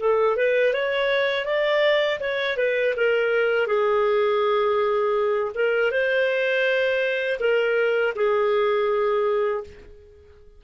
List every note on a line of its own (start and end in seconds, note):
0.00 0.37 A4
0.37 0.74 B4
0.74 1.46 C#5
1.46 2.20 D5
2.21 2.58 C#5
2.58 2.95 B4
2.97 3.68 A#4
3.68 5.53 G#4
5.55 5.92 A#4
5.92 7.40 C5
7.40 8.14 A#4
8.16 9.64 G#4